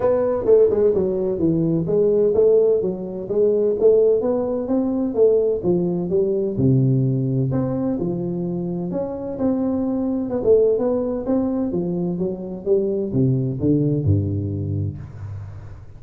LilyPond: \new Staff \with { instrumentName = "tuba" } { \time 4/4 \tempo 4 = 128 b4 a8 gis8 fis4 e4 | gis4 a4 fis4 gis4 | a4 b4 c'4 a4 | f4 g4 c2 |
c'4 f2 cis'4 | c'2 b16 a8. b4 | c'4 f4 fis4 g4 | c4 d4 g,2 | }